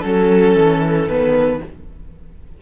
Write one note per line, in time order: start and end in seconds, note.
0.00 0.56 F#3
0.00 1.09 C#4
0.00 1.58 A4
0.00 1.08 A4
0.56 1.07 E3
1.07 1.60 D#3
1.07 1.62 B3
1.07 1.61 B4